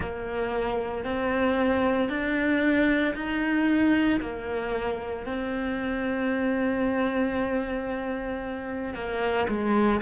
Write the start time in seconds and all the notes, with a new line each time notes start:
0.00 A#3
1.04 C4
2.09 D4
3.14 D#4
4.20 A#3
5.26 C4
8.94 A#3
9.48 G#3